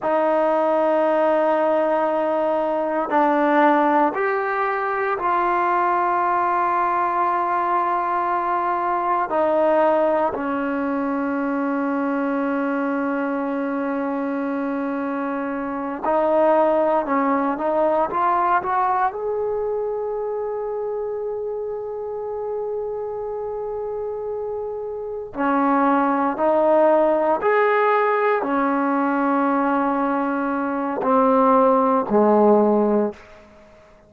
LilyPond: \new Staff \with { instrumentName = "trombone" } { \time 4/4 \tempo 4 = 58 dis'2. d'4 | g'4 f'2.~ | f'4 dis'4 cis'2~ | cis'2.~ cis'8 dis'8~ |
dis'8 cis'8 dis'8 f'8 fis'8 gis'4.~ | gis'1~ | gis'8 cis'4 dis'4 gis'4 cis'8~ | cis'2 c'4 gis4 | }